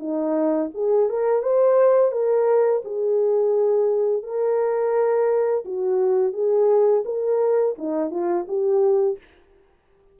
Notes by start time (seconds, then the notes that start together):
0.00 D#4
0.75 G#4
1.10 A#4
1.43 C5
2.12 A#4
2.85 G#4
4.23 A#4
5.65 F#4
6.33 G#4
7.05 A#4
7.79 D#4
8.11 F4
8.48 G4